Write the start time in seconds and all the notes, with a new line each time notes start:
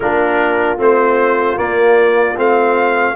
0.00 A#3 D4 F4 A#4
0.78 A3 C4 C5
1.56 A#3 D5
2.36 A3 C4 F5